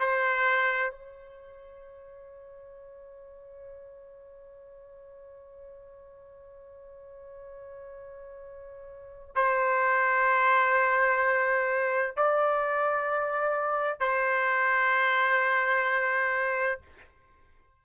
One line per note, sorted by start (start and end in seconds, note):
0.00 0.91 C5
0.91 9.35 C#5
9.36 12.17 C5
12.17 14.00 D5
14.00 16.82 C5